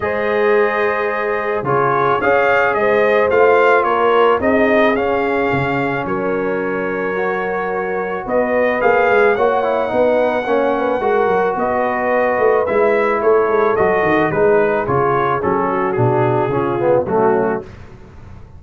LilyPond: <<
  \new Staff \with { instrumentName = "trumpet" } { \time 4/4 \tempo 4 = 109 dis''2. cis''4 | f''4 dis''4 f''4 cis''4 | dis''4 f''2 cis''4~ | cis''2. dis''4 |
f''4 fis''2.~ | fis''4 dis''2 e''4 | cis''4 dis''4 b'4 cis''4 | a'4 gis'2 fis'4 | }
  \new Staff \with { instrumentName = "horn" } { \time 4/4 c''2. gis'4 | cis''4 c''2 ais'4 | gis'2. ais'4~ | ais'2. b'4~ |
b'4 cis''4 b'4 cis''8 b'8 | ais'4 b'2. | a'2 gis'2~ | gis'8 fis'4. f'4 cis'4 | }
  \new Staff \with { instrumentName = "trombone" } { \time 4/4 gis'2. f'4 | gis'2 f'2 | dis'4 cis'2.~ | cis'4 fis'2. |
gis'4 fis'8 e'8 dis'4 cis'4 | fis'2. e'4~ | e'4 fis'4 dis'4 f'4 | cis'4 d'4 cis'8 b8 a4 | }
  \new Staff \with { instrumentName = "tuba" } { \time 4/4 gis2. cis4 | cis'4 gis4 a4 ais4 | c'4 cis'4 cis4 fis4~ | fis2. b4 |
ais8 gis8 ais4 b4 ais4 | gis8 fis8 b4. a8 gis4 | a8 gis8 fis8 dis8 gis4 cis4 | fis4 b,4 cis4 fis4 | }
>>